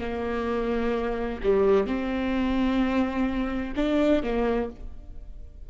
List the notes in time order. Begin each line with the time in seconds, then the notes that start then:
0.00 A#3
1.44 G3
1.87 C4
3.76 D4
4.23 A#3